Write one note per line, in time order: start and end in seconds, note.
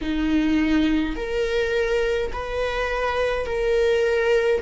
0.01 1.15 D#4
1.15 2.31 A#4
2.32 3.46 B4
3.46 4.61 A#4